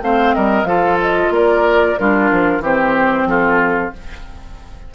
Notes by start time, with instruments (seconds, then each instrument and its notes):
0.00 bassoon A3, clarinet C4, oboe C5, flute F5
0.34 bassoon G3, oboe A#4, flute D#5
0.63 bassoon F3, clarinet F4, oboe A4, flute F5
1.01 flute D#5
1.30 bassoon A#3, oboe A#4, flute D5
1.97 bassoon G3, clarinet D4, oboe F4, flute A#4
2.31 bassoon F3
2.59 bassoon E3, clarinet C4, oboe G4, flute C5
3.25 bassoon F3, oboe F4, flute A4